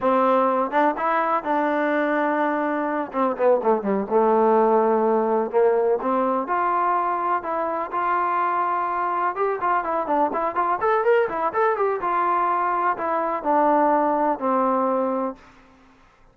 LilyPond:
\new Staff \with { instrumentName = "trombone" } { \time 4/4 \tempo 4 = 125 c'4. d'8 e'4 d'4~ | d'2~ d'8 c'8 b8 a8 | g8 a2. ais8~ | ais8 c'4 f'2 e'8~ |
e'8 f'2. g'8 | f'8 e'8 d'8 e'8 f'8 a'8 ais'8 e'8 | a'8 g'8 f'2 e'4 | d'2 c'2 | }